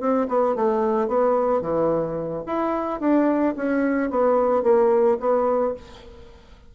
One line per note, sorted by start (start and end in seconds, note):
0.00 0.27 C4
0.28 0.55 B3
0.55 1.08 A3
1.08 1.61 B3
1.61 2.43 E3
2.46 3.00 E4
3.00 3.55 D4
3.56 4.10 C#4
4.10 4.63 B3
4.63 5.17 A#3
5.20 5.74 B3